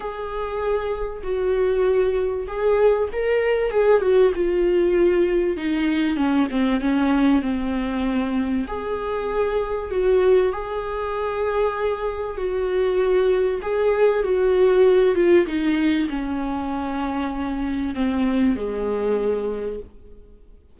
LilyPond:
\new Staff \with { instrumentName = "viola" } { \time 4/4 \tempo 4 = 97 gis'2 fis'2 | gis'4 ais'4 gis'8 fis'8 f'4~ | f'4 dis'4 cis'8 c'8 cis'4 | c'2 gis'2 |
fis'4 gis'2. | fis'2 gis'4 fis'4~ | fis'8 f'8 dis'4 cis'2~ | cis'4 c'4 gis2 | }